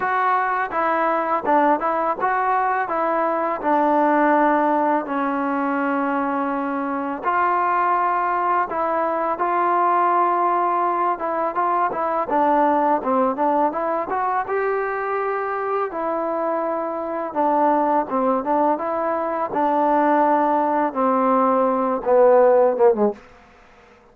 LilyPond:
\new Staff \with { instrumentName = "trombone" } { \time 4/4 \tempo 4 = 83 fis'4 e'4 d'8 e'8 fis'4 | e'4 d'2 cis'4~ | cis'2 f'2 | e'4 f'2~ f'8 e'8 |
f'8 e'8 d'4 c'8 d'8 e'8 fis'8 | g'2 e'2 | d'4 c'8 d'8 e'4 d'4~ | d'4 c'4. b4 ais16 gis16 | }